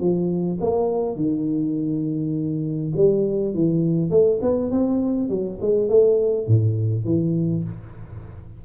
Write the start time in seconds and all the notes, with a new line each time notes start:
0.00 F3
0.61 A#3
1.16 D#3
2.96 G3
3.54 E3
4.10 A3
4.42 B3
4.71 C4
5.29 F#3
5.61 G#3
5.89 A3
6.47 A2
7.05 E3